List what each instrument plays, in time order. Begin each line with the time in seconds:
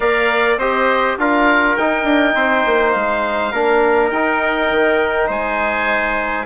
0.00 bassoon A#3, trombone A#4, trumpet D5, oboe F5
0.57 bassoon C4, trombone G4, trumpet C5, oboe D#5
1.18 bassoon D4, trombone F4, trumpet A#4, oboe F5
1.76 bassoon D#4, trombone D#4, oboe G5
2.03 bassoon D4
2.35 bassoon C4, trumpet C5
2.65 bassoon A#3
2.92 bassoon G#3, oboe F5
3.51 bassoon A#3, trombone D4, trumpet A#4
4.10 bassoon D#4, trombone D#4, oboe G5
4.70 bassoon D#3
5.27 bassoon G#3, trumpet C5, oboe G#5